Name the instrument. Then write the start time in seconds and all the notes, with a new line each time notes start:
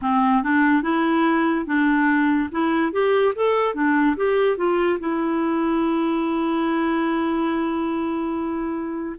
clarinet
0.01 C4
0.43 D4
0.82 E4
1.66 D4
2.51 E4
2.92 G4
3.35 A4
3.74 D4
4.16 G4
4.57 F4
4.99 E4